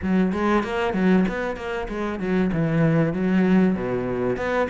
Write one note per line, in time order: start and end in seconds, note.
0.02 0.32 F#3
0.32 0.63 G#3
0.63 0.93 A#3
0.93 1.25 F#3
1.28 1.56 B3
1.56 1.87 A#3
1.88 2.19 G#3
2.19 2.51 F#3
2.52 3.13 E3
3.13 3.75 F#3
3.75 4.36 B2
4.36 4.68 B3